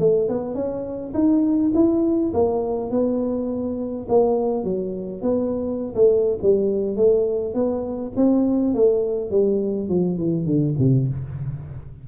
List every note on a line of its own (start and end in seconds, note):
0.00 0.29 A3
0.29 0.55 B3
0.55 1.13 C#4
1.14 1.73 D#4
1.75 2.33 E4
2.34 2.91 A#3
2.91 4.08 B3
4.09 4.64 A#3
4.64 5.22 F#3
5.22 5.95 B3
5.95 6.39 A3
6.43 6.97 G3
6.97 7.55 A3
7.55 8.13 B3
8.17 8.75 C4
8.75 9.31 A3
9.31 9.89 G3
9.89 10.18 F3
10.19 10.46 E3
10.46 10.75 D3
10.79 11.08 C3